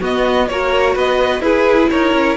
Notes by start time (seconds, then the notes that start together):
0.00 B3 F#4 D#5
0.48 A#3 F#4 A#4 C#5
0.95 B3 B4 D#5
1.40 E4 G#4 B4
1.90 D#4 A#4 C#5
2.13 C#4